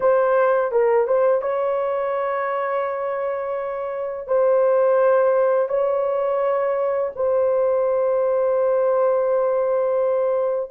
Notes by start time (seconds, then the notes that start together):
0.00 C5
0.71 A#4
1.07 C5
1.41 C#5
4.27 C5
5.68 C#5
7.15 C5